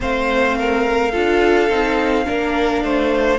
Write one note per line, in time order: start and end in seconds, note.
0.00 1.15 A3
0.00 1.12 C4
0.00 0.57 C5
0.00 3.38 F5
0.58 1.11 A#4
1.11 1.69 D4
1.11 1.69 F4
1.11 2.24 A4
1.69 2.26 C4
1.69 2.25 D#4
2.25 2.82 A#3
2.25 3.38 D4
2.25 2.83 A#4
2.82 3.38 A3
2.82 3.38 C5